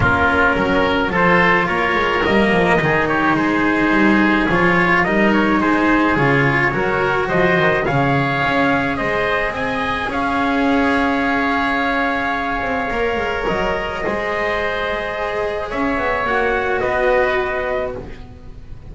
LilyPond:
<<
  \new Staff \with { instrumentName = "trumpet" } { \time 4/4 \tempo 4 = 107 ais'2 c''4 cis''4 | dis''4. cis''8 c''2 | cis''4 dis''8 cis''8 c''4 cis''4~ | cis''4 dis''4 f''2 |
dis''4 gis''4 f''2~ | f''1 | dis''1 | e''4 fis''4 dis''2 | }
  \new Staff \with { instrumentName = "oboe" } { \time 4/4 f'4 ais'4 a'4 ais'4~ | ais'4 gis'8 g'8 gis'2~ | gis'4 ais'4 gis'2 | ais'4 c''4 cis''2 |
c''4 dis''4 cis''2~ | cis''1~ | cis''4 c''2. | cis''2 b'2 | }
  \new Staff \with { instrumentName = "cello" } { \time 4/4 cis'2 f'2 | ais4 dis'2. | f'4 dis'2 f'4 | fis'2 gis'2~ |
gis'1~ | gis'2. ais'4~ | ais'4 gis'2.~ | gis'4 fis'2. | }
  \new Staff \with { instrumentName = "double bass" } { \time 4/4 ais4 fis4 f4 ais8 gis8 | g8 f8 dis4 gis4 g4 | f4 g4 gis4 cis4 | fis4 f8 dis8 cis4 cis'4 |
gis4 c'4 cis'2~ | cis'2~ cis'8 c'8 ais8 gis8 | fis4 gis2. | cis'8 b8 ais4 b2 | }
>>